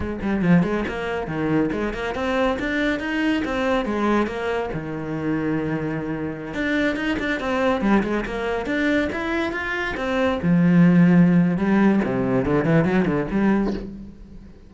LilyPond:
\new Staff \with { instrumentName = "cello" } { \time 4/4 \tempo 4 = 140 gis8 g8 f8 gis8 ais4 dis4 | gis8 ais8 c'4 d'4 dis'4 | c'4 gis4 ais4 dis4~ | dis2.~ dis16 d'8.~ |
d'16 dis'8 d'8 c'4 g8 gis8 ais8.~ | ais16 d'4 e'4 f'4 c'8.~ | c'16 f2~ f8. g4 | c4 d8 e8 fis8 d8 g4 | }